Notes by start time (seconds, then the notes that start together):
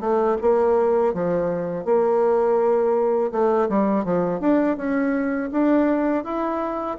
0.00 A3
0.41 A#3
1.14 F3
1.85 A#3
3.32 A3
3.69 G3
4.04 F3
4.40 D4
4.77 C#4
5.51 D4
6.24 E4